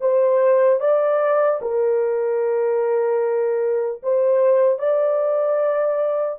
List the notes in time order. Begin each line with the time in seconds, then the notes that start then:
0.00 C5
0.80 D5
1.61 A#4
4.03 C5
4.79 D5